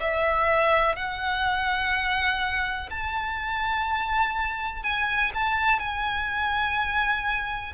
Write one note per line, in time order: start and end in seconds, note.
0.00 0.96 E5
0.96 2.89 F#5
2.90 4.83 A5
4.83 5.31 G#5
5.34 5.79 A5
5.79 7.73 G#5